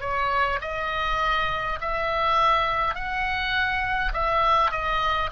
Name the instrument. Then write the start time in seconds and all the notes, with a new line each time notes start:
oboe
0.00 C#5
0.61 D#5
1.81 E5
2.95 F#5
4.13 E5
4.71 D#5